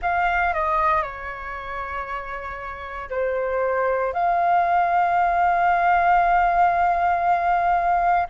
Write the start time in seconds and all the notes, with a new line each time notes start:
0.02 F5
0.53 D#5
1.02 C#5
3.09 C5
4.13 F5